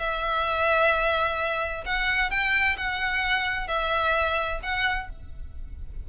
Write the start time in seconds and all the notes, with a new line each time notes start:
0.00 E5
1.86 F#5
2.31 G5
2.78 F#5
3.68 E5
4.63 F#5